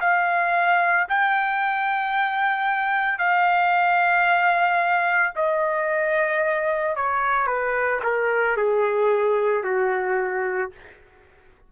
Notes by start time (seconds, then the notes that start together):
0.00 F5
1.09 G5
3.19 F5
5.35 D#5
6.96 C#5
7.47 B4
8.03 A#4
8.57 G#4
9.64 F#4